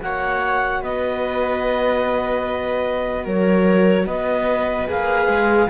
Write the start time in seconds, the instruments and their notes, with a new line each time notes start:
0.00 cello A#3 F#4, viola C#5, clarinet F#5
0.81 cello B3, viola B4, clarinet D#5
3.24 cello F#3, viola A#4, clarinet C#5
4.06 cello B3, viola B4, clarinet D#5
4.88 cello A#3 G#4, clarinet F5
5.27 cello G#3